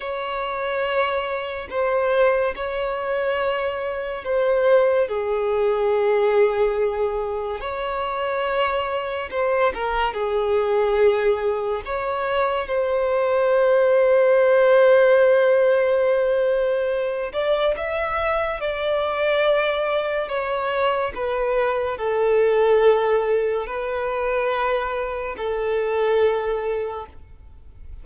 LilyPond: \new Staff \with { instrumentName = "violin" } { \time 4/4 \tempo 4 = 71 cis''2 c''4 cis''4~ | cis''4 c''4 gis'2~ | gis'4 cis''2 c''8 ais'8 | gis'2 cis''4 c''4~ |
c''1~ | c''8 d''8 e''4 d''2 | cis''4 b'4 a'2 | b'2 a'2 | }